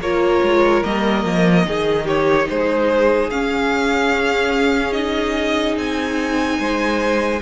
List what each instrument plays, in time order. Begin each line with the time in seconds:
0.00 cello A#3, viola F4, violin A#4 C#5
0.42 cello G#3
0.84 cello G3, viola A#3, violin D#5
1.25 cello F3
1.66 cello D#3, viola D#4, violin G#4
2.05 violin G4 C#5
2.49 cello G#3, violin G#4 C5
3.30 cello C#4, viola C#4, violin F5
4.92 viola D#4, violin D#5
5.77 cello C4, violin G#5
6.59 cello G#3, violin C5